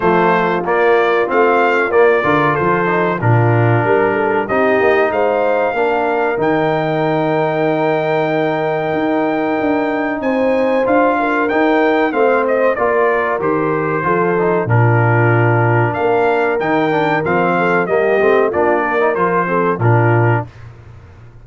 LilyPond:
<<
  \new Staff \with { instrumentName = "trumpet" } { \time 4/4 \tempo 4 = 94 c''4 d''4 f''4 d''4 | c''4 ais'2 dis''4 | f''2 g''2~ | g''1 |
gis''4 f''4 g''4 f''8 dis''8 | d''4 c''2 ais'4~ | ais'4 f''4 g''4 f''4 | dis''4 d''4 c''4 ais'4 | }
  \new Staff \with { instrumentName = "horn" } { \time 4/4 f'2.~ f'8 ais'8 | a'4 f'4 ais'8 a'8 g'4 | c''4 ais'2.~ | ais'1 |
c''4. ais'4. c''4 | ais'2 a'4 f'4~ | f'4 ais'2~ ais'8 a'8 | g'4 f'8 ais'4 a'8 f'4 | }
  \new Staff \with { instrumentName = "trombone" } { \time 4/4 a4 ais4 c'4 ais8 f'8~ | f'8 dis'8 d'2 dis'4~ | dis'4 d'4 dis'2~ | dis'1~ |
dis'4 f'4 dis'4 c'4 | f'4 g'4 f'8 dis'8 d'4~ | d'2 dis'8 d'8 c'4 | ais8 c'8 d'8. dis'16 f'8 c'8 d'4 | }
  \new Staff \with { instrumentName = "tuba" } { \time 4/4 f4 ais4 a4 ais8 d8 | f4 ais,4 g4 c'8 ais8 | gis4 ais4 dis2~ | dis2 dis'4 d'4 |
c'4 d'4 dis'4 a4 | ais4 dis4 f4 ais,4~ | ais,4 ais4 dis4 f4 | g8 a8 ais4 f4 ais,4 | }
>>